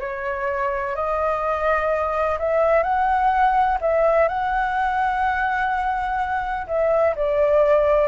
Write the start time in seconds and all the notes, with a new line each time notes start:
0.00 C#5
0.95 D#5
2.39 E5
2.83 F#5
3.81 E5
4.28 F#5
6.67 E5
7.16 D5